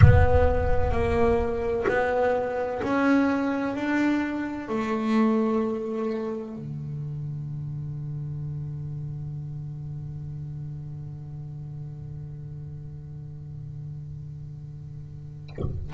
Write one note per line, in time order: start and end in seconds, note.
0.01 0.91 B3
0.91 1.85 A#3
1.87 2.81 B3
2.83 3.75 C#4
3.75 4.68 D4
4.68 6.55 A3
6.55 15.93 D3